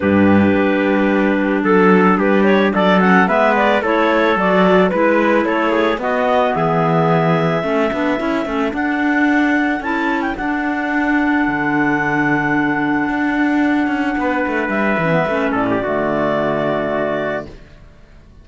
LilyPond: <<
  \new Staff \with { instrumentName = "clarinet" } { \time 4/4 \tempo 4 = 110 b'2. a'4 | b'8 cis''8 d''8 fis''8 e''8 d''8 cis''4 | d''4 b'4 cis''4 dis''4 | e''1 |
fis''2 a''8. g''16 fis''4~ | fis''1~ | fis''2. e''4~ | e''8 d''2.~ d''8 | }
  \new Staff \with { instrumentName = "trumpet" } { \time 4/4 g'2. a'4 | g'4 a'4 b'4 a'4~ | a'4 b'4 a'8 gis'8 fis'4 | gis'2 a'2~ |
a'1~ | a'1~ | a'2 b'2~ | b'8 a'16 g'16 fis'2. | }
  \new Staff \with { instrumentName = "clarinet" } { \time 4/4 d'1~ | d'4. cis'8 b4 e'4 | fis'4 e'2 b4~ | b2 cis'8 d'8 e'8 cis'8 |
d'2 e'4 d'4~ | d'1~ | d'2.~ d'8 cis'16 b16 | cis'4 a2. | }
  \new Staff \with { instrumentName = "cello" } { \time 4/4 g,4 g2 fis4 | g4 fis4 gis4 a4 | fis4 gis4 a4 b4 | e2 a8 b8 cis'8 a8 |
d'2 cis'4 d'4~ | d'4 d2. | d'4. cis'8 b8 a8 g8 e8 | a8 a,8 d2. | }
>>